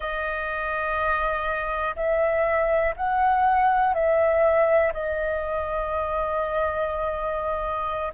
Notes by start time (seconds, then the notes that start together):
0.00 D#5
1.95 E5
2.96 F#5
3.93 E5
4.93 D#5